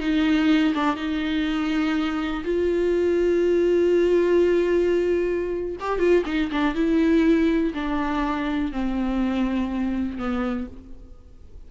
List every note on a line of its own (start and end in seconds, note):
0.00 0.74 D#4
0.74 0.96 D4
0.96 2.44 D#4
2.45 5.77 F4
5.80 5.99 G4
5.99 6.24 F4
6.26 6.51 D#4
6.52 6.75 D4
6.75 7.73 E4
7.74 8.72 D4
8.72 10.18 C4
10.18 10.67 B3